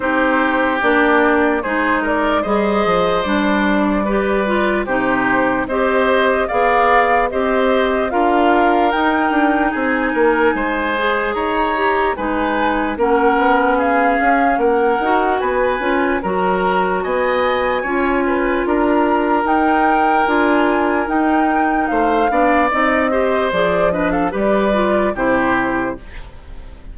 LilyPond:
<<
  \new Staff \with { instrumentName = "flute" } { \time 4/4 \tempo 4 = 74 c''4 d''4 c''8 d''8 dis''4 | d''2 c''4 dis''4 | f''4 dis''4 f''4 g''4 | gis''2 ais''4 gis''4 |
fis''4 f''4 fis''4 gis''4 | ais''4 gis''2 ais''4 | g''4 gis''4 g''4 f''4 | dis''4 d''8 dis''16 f''16 d''4 c''4 | }
  \new Staff \with { instrumentName = "oboe" } { \time 4/4 g'2 gis'8 ais'8 c''4~ | c''4 b'4 g'4 c''4 | d''4 c''4 ais'2 | gis'8 ais'8 c''4 cis''4 b'4 |
ais'4 gis'4 ais'4 b'4 | ais'4 dis''4 cis''8 b'8 ais'4~ | ais'2. c''8 d''8~ | d''8 c''4 b'16 a'16 b'4 g'4 | }
  \new Staff \with { instrumentName = "clarinet" } { \time 4/4 dis'4 d'4 dis'4 gis'4 | d'4 g'8 f'8 dis'4 g'4 | gis'4 g'4 f'4 dis'4~ | dis'4. gis'4 g'8 dis'4 |
cis'2~ cis'8 fis'4 f'8 | fis'2 f'2 | dis'4 f'4 dis'4. d'8 | dis'8 g'8 gis'8 d'8 g'8 f'8 e'4 | }
  \new Staff \with { instrumentName = "bassoon" } { \time 4/4 c'4 ais4 gis4 g8 f8 | g2 c4 c'4 | b4 c'4 d'4 dis'8 d'8 | c'8 ais8 gis4 dis'4 gis4 |
ais8 b4 cis'8 ais8 dis'8 b8 cis'8 | fis4 b4 cis'4 d'4 | dis'4 d'4 dis'4 a8 b8 | c'4 f4 g4 c4 | }
>>